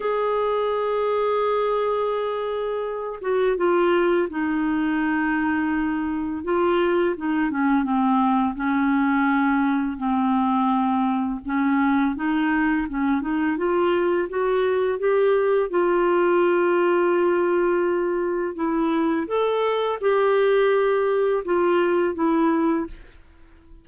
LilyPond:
\new Staff \with { instrumentName = "clarinet" } { \time 4/4 \tempo 4 = 84 gis'1~ | gis'8 fis'8 f'4 dis'2~ | dis'4 f'4 dis'8 cis'8 c'4 | cis'2 c'2 |
cis'4 dis'4 cis'8 dis'8 f'4 | fis'4 g'4 f'2~ | f'2 e'4 a'4 | g'2 f'4 e'4 | }